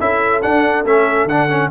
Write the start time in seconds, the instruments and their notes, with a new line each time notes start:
0.00 tuba C#4, trombone E4, horn A4, trumpet E5
0.42 trombone D4, tuba D4, trumpet F#5
0.84 tuba A3, trombone C#4, trumpet E5
1.25 tuba D3, trombone D4, trumpet F#5
1.49 trombone C#4